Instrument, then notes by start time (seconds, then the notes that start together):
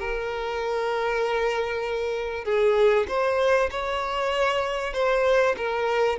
violin
0.00 A#4
2.45 G#4
3.08 C5
3.71 C#5
4.94 C5
5.57 A#4